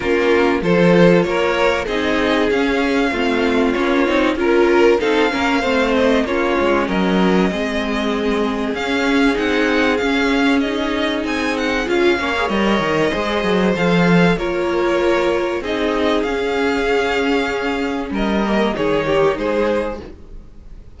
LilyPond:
<<
  \new Staff \with { instrumentName = "violin" } { \time 4/4 \tempo 4 = 96 ais'4 c''4 cis''4 dis''4 | f''2 cis''4 ais'4 | f''4. dis''8 cis''4 dis''4~ | dis''2 f''4 fis''4 |
f''4 dis''4 gis''8 fis''8 f''4 | dis''2 f''4 cis''4~ | cis''4 dis''4 f''2~ | f''4 dis''4 cis''4 c''4 | }
  \new Staff \with { instrumentName = "violin" } { \time 4/4 f'4 a'4 ais'4 gis'4~ | gis'4 f'2 ais'4 | a'8 ais'8 c''4 f'4 ais'4 | gis'1~ |
gis'2.~ gis'8 cis''8~ | cis''4 c''2 ais'4~ | ais'4 gis'2.~ | gis'4 ais'4 gis'8 g'8 gis'4 | }
  \new Staff \with { instrumentName = "viola" } { \time 4/4 cis'4 f'2 dis'4 | cis'4 c'4 cis'8 dis'8 f'4 | dis'8 cis'8 c'4 cis'2 | c'2 cis'4 dis'4 |
cis'4 dis'2 f'8 cis'16 gis'16 | ais'4 gis'4 a'4 f'4~ | f'4 dis'4 cis'2~ | cis'4. ais8 dis'2 | }
  \new Staff \with { instrumentName = "cello" } { \time 4/4 ais4 f4 ais4 c'4 | cis'4 a4 ais8 c'8 cis'4 | c'8 ais8 a4 ais8 gis8 fis4 | gis2 cis'4 c'4 |
cis'2 c'4 cis'8 ais8 | g8 dis8 gis8 fis8 f4 ais4~ | ais4 c'4 cis'2~ | cis'4 g4 dis4 gis4 | }
>>